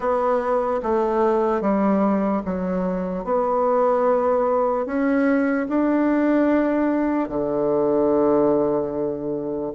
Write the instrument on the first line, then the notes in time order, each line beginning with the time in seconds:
bassoon
0.00 B3
0.83 A3
1.61 G3
2.45 F#3
3.24 B3
4.85 C#4
5.68 D4
7.28 D3